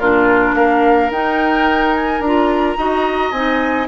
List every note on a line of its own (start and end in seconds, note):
0.00 0.55 A#2
0.00 1.12 D4
0.00 0.56 F4
0.00 0.55 A#4
0.55 1.10 A#3
0.55 2.78 A#4
0.55 1.11 F5
1.10 2.20 D#4
1.10 2.25 D#4
1.10 1.94 G5
1.94 2.22 G#5
2.20 2.76 D4
2.20 2.77 F4
2.20 3.32 A#5
2.77 3.32 D#4
2.77 3.33 F#4
2.77 3.89 D#5
3.32 3.88 C4
3.32 3.89 D#4
3.32 3.88 G#5